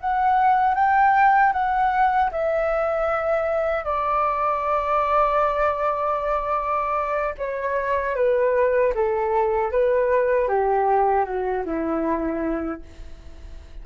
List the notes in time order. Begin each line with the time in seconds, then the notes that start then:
0.00 F#5
0.74 G5
1.52 F#5
2.31 E5
3.84 D5
7.37 C#5
8.15 B4
8.94 A4
9.71 B4
10.48 G4
11.25 F#4
11.65 E4